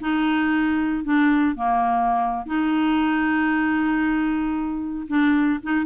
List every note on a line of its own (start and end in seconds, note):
0.00 1.04 D#4
1.04 1.56 D4
1.56 2.46 A#3
2.46 5.07 D#4
5.08 5.60 D4
5.63 5.86 D#4